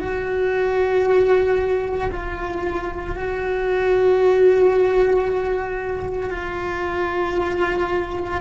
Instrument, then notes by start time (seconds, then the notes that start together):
cello
0.00 F#4
2.11 F4
3.16 F#4
6.31 F4